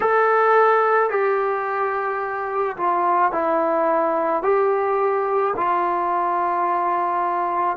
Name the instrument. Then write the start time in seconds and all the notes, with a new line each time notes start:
trombone
0.00 A4
1.10 G4
2.76 F4
3.32 E4
4.42 G4
5.56 F4